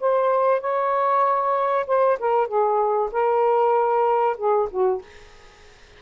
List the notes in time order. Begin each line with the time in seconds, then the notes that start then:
0.00 C5
0.61 C#5
1.87 C5
2.19 A#4
2.47 G#4
3.12 A#4
4.37 G#4
4.70 F#4